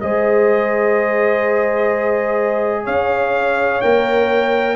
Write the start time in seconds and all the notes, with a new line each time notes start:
0.00 G#3 G#4 C5 D#5
2.84 C#4 C#5 F5
3.81 A#3 A#4 G5